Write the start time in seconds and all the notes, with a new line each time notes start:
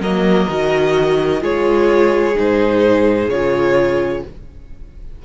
0.00 F#3 A#3 A#4 D#5
0.49 D#3 F#4
1.41 G#3 F4 G#4 C#5
2.35 G#2 D#4 C5
3.29 C#3 F4 C#5